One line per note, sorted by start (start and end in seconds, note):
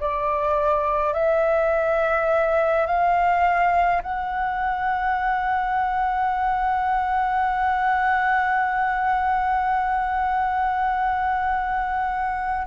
0.00 1.13 D5
1.13 2.86 E5
2.86 4.02 F5
4.02 12.67 F#5